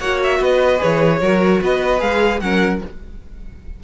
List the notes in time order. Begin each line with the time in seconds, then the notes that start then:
0.00 A#3 F#4 C#5 F#5
0.24 E5
0.38 B3 B4 D#5
0.78 G#4 C#5
0.84 E3
1.21 F#3 F#4 A#4
1.61 B3 B4 D#5
1.99 G#3 G#4 F5
2.40 F#3 C#4 A#4 F#5